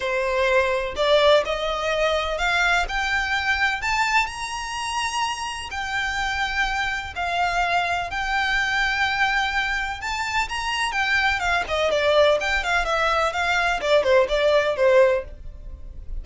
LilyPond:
\new Staff \with { instrumentName = "violin" } { \time 4/4 \tempo 4 = 126 c''2 d''4 dis''4~ | dis''4 f''4 g''2 | a''4 ais''2. | g''2. f''4~ |
f''4 g''2.~ | g''4 a''4 ais''4 g''4 | f''8 dis''8 d''4 g''8 f''8 e''4 | f''4 d''8 c''8 d''4 c''4 | }